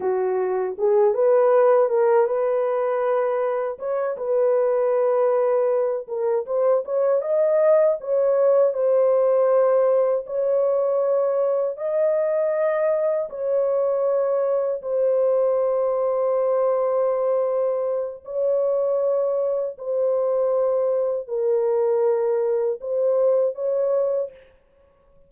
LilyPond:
\new Staff \with { instrumentName = "horn" } { \time 4/4 \tempo 4 = 79 fis'4 gis'8 b'4 ais'8 b'4~ | b'4 cis''8 b'2~ b'8 | ais'8 c''8 cis''8 dis''4 cis''4 c''8~ | c''4. cis''2 dis''8~ |
dis''4. cis''2 c''8~ | c''1 | cis''2 c''2 | ais'2 c''4 cis''4 | }